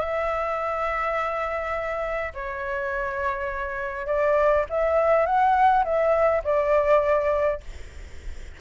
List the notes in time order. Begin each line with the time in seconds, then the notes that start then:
0.00 E5
2.34 C#5
4.07 D5
4.70 E5
5.26 F#5
5.84 E5
6.44 D5